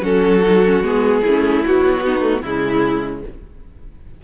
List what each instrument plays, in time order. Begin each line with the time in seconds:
0.00 cello F#3, viola C#4, violin F#4 A4
0.43 viola D#4
0.66 viola C#4
0.82 cello G#3, viola B3, violin G#4
1.22 cello A3, viola C#4, violin E4
1.65 viola F#3, cello B3, violin F#4
2.05 viola B3, violin D#4
2.21 viola A3
2.42 cello C#3, viola G#3, violin E4